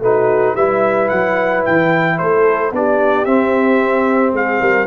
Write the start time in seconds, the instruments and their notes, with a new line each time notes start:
0.00 tuba A3, trombone D#4, horn F#4, trumpet B4
0.56 tuba G3, trombone E4, horn B4, trumpet E5
1.09 tuba F#3, trumpet F#5
1.65 tuba E3, trumpet G5
2.19 tuba A3, horn A4, trumpet C5
2.72 tuba B3, trombone D4, horn G4, trumpet D5
3.25 tuba C4, trombone C4, trumpet E5
4.33 tuba G#3, horn G#4, trumpet F5
4.61 tuba G3, horn A#4